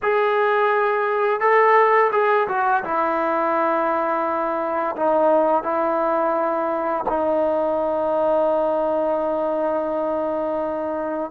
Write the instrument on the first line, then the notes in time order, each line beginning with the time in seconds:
trombone
0.02 G#4
1.40 A4
2.12 G#4
2.48 F#4
2.84 E4
4.95 D#4
5.63 E4
7.08 D#4